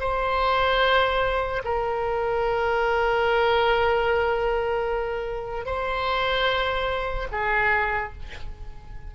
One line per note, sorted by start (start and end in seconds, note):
0.00 1.62 C5
1.64 5.65 A#4
5.65 7.28 C5
7.32 8.13 G#4